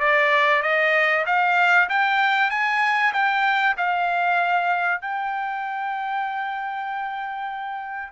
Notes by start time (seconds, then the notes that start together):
0.00 D5
0.63 D#5
1.26 F5
1.89 G5
2.51 G#5
3.13 G5
3.77 F5
5.01 G5